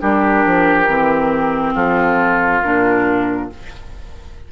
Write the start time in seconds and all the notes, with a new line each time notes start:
0.00 G3 D4 G4 A#4
0.45 F3
0.88 E3 C4
1.74 F3 F4 A4
2.62 A#2 D4 A#4